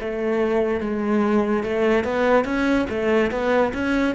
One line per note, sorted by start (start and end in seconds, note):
0.00 0.81 A3
0.81 1.64 G#3
1.64 2.05 A3
2.05 2.45 B3
2.45 2.86 C#4
2.89 3.31 A3
3.31 3.73 B3
3.73 4.15 C#4